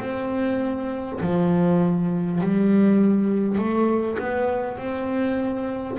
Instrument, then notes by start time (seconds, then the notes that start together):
double bass
0.00 C4
1.21 F3
2.42 G3
3.59 A3
4.19 B3
4.78 C4